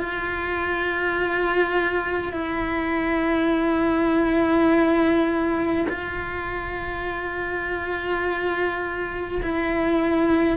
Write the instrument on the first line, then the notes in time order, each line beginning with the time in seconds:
cello
0.00 F4
2.34 E4
5.89 F4
9.43 E4